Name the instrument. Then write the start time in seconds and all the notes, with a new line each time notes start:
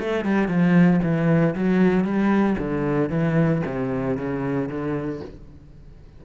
cello
0.00 A3
0.25 G3
0.48 F3
1.03 E3
1.56 F#3
2.05 G3
2.59 D3
3.10 E3
3.66 C3
4.18 C#3
4.69 D3